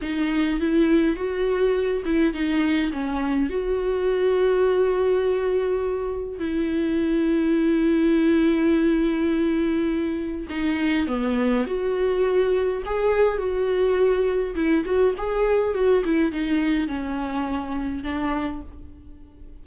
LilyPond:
\new Staff \with { instrumentName = "viola" } { \time 4/4 \tempo 4 = 103 dis'4 e'4 fis'4. e'8 | dis'4 cis'4 fis'2~ | fis'2. e'4~ | e'1~ |
e'2 dis'4 b4 | fis'2 gis'4 fis'4~ | fis'4 e'8 fis'8 gis'4 fis'8 e'8 | dis'4 cis'2 d'4 | }